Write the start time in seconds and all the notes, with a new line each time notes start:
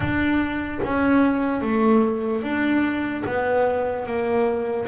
0.00 D4
0.84 C#4
1.61 A3
2.42 D4
3.26 B3
4.05 A#3